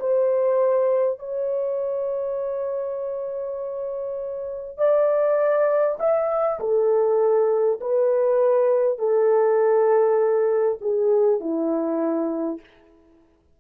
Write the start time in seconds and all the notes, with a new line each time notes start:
0.00 C5
1.19 C#5
4.78 D5
5.99 E5
6.60 A4
7.81 B4
8.98 A4
10.81 G#4
11.40 E4